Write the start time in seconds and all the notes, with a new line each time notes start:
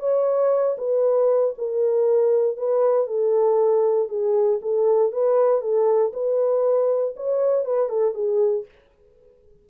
0.00 C#5
0.78 B4
1.58 A#4
2.57 B4
3.07 A4
4.09 G#4
4.62 A4
5.12 B4
5.61 A4
6.13 B4
7.16 C#5
7.65 B4
7.89 A4
8.14 G#4